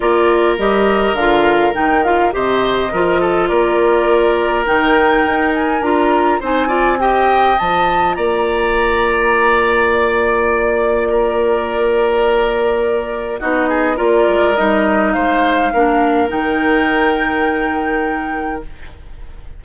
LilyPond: <<
  \new Staff \with { instrumentName = "flute" } { \time 4/4 \tempo 4 = 103 d''4 dis''4 f''4 g''8 f''8 | dis''2 d''2 | g''4. gis''8 ais''4 gis''4 | g''4 a''4 ais''2~ |
ais''4 d''2.~ | d''2. dis''4 | d''4 dis''4 f''2 | g''1 | }
  \new Staff \with { instrumentName = "oboe" } { \time 4/4 ais'1 | c''4 ais'8 a'8 ais'2~ | ais'2. c''8 d''8 | dis''2 d''2~ |
d''2. ais'4~ | ais'2. fis'8 gis'8 | ais'2 c''4 ais'4~ | ais'1 | }
  \new Staff \with { instrumentName = "clarinet" } { \time 4/4 f'4 g'4 f'4 dis'8 f'8 | g'4 f'2. | dis'2 f'4 dis'8 f'8 | g'4 f'2.~ |
f'1~ | f'2. dis'4 | f'4 dis'2 d'4 | dis'1 | }
  \new Staff \with { instrumentName = "bassoon" } { \time 4/4 ais4 g4 d4 dis4 | c4 f4 ais2 | dis4 dis'4 d'4 c'4~ | c'4 f4 ais2~ |
ais1~ | ais2. b4 | ais8 gis8 g4 gis4 ais4 | dis1 | }
>>